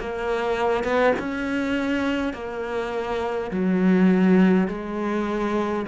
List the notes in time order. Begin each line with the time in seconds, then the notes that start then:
0.00 A#3
0.84 B3
1.19 C#4
2.34 A#3
3.51 F#3
4.68 G#3